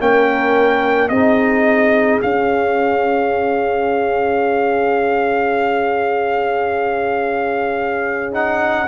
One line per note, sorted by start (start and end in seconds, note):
0.00 1.10 A#3
0.00 1.11 C#4
0.00 1.12 A#4
0.00 1.09 G5
1.09 2.21 C4
1.09 2.22 D#4
1.09 8.88 G#4
1.09 2.20 D#5
2.22 8.32 C#4
2.22 8.88 C#4
2.22 8.33 F5
8.32 8.87 D#4
8.32 8.88 F#5